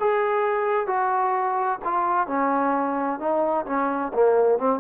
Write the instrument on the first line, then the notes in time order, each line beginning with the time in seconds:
trombone
0.00 G#4
0.87 F#4
1.85 F4
2.27 C#4
3.20 D#4
3.66 C#4
4.14 A#3
4.59 C4